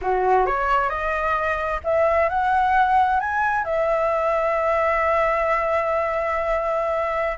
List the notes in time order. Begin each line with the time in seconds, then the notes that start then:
0.01 F#4
0.46 C#5
0.89 D#5
1.84 E5
2.29 F#5
3.19 G#5
3.64 E5